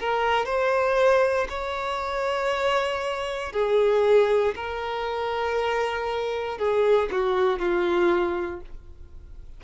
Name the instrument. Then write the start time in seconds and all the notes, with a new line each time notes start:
violin
0.00 A#4
0.46 C5
1.50 C#5
3.53 G#4
4.56 A#4
6.59 G#4
7.12 F#4
7.59 F4